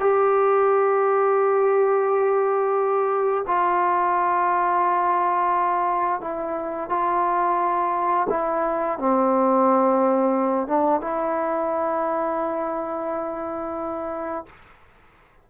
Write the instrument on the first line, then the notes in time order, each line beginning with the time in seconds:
trombone
0.00 G4
3.47 F4
6.21 E4
6.90 F4
8.30 E4
8.99 C4
10.68 D4
11.01 E4